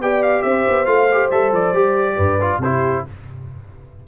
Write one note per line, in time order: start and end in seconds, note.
0.00 0.43 B3
0.00 0.86 G4
0.00 0.45 D5
0.00 0.23 G5
0.23 0.42 F5
0.42 0.66 C4
0.42 2.16 C5
0.42 0.86 E5
0.69 0.86 B3
0.86 1.30 A3
0.86 1.08 F4
0.86 1.29 F5
1.12 1.32 G4
1.31 1.52 G3
1.31 1.75 A4
1.31 1.53 E5
1.52 1.73 F3
1.52 2.62 D5
1.73 2.17 G3
1.73 2.40 G4
2.16 2.59 G2
2.16 2.60 B4
2.41 2.63 F4
2.59 3.02 C3
2.59 3.08 E4
2.59 3.06 G4
2.59 3.06 C5